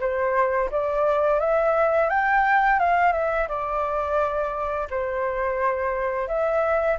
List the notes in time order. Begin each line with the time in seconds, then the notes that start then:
0.00 C5
0.71 D5
1.40 E5
2.10 G5
2.79 F5
3.13 E5
3.48 D5
4.90 C5
6.28 E5